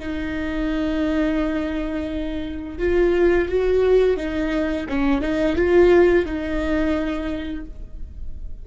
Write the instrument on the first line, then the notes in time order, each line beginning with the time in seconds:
viola
0.00 D#4
2.79 F4
3.49 F#4
4.17 D#4
4.89 C#4
5.21 D#4
5.56 F4
6.26 D#4